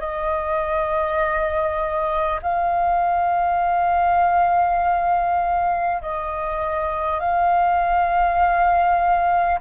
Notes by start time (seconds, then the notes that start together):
0.00 D#5
2.42 F5
6.02 D#5
7.20 F5